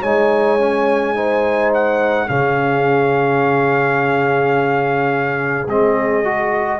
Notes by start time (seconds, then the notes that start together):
0.00 G#3 D#4 C#5 G#5
0.59 C#4
1.15 D#4 C5
1.74 F#5
2.29 C#3 C#4 G#4 F5
5.67 G#3 C4 D#5
6.24 F#4